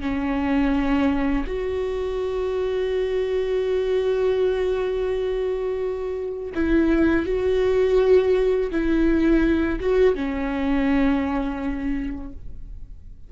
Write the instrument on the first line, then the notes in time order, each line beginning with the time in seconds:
viola
0.00 C#4
1.46 F#4
6.54 E4
7.26 F#4
8.70 E4
9.80 F#4
10.15 C#4